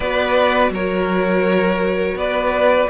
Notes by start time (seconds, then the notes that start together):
0.00 B3 F#4 B4 D5
0.70 F#3 A#4 C#5
2.15 B3 B4 D5